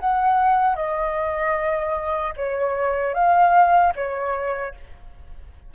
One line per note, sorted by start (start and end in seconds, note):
0.00 0.75 F#5
0.75 2.33 D#5
2.36 3.14 C#5
3.14 3.93 F5
3.95 4.74 C#5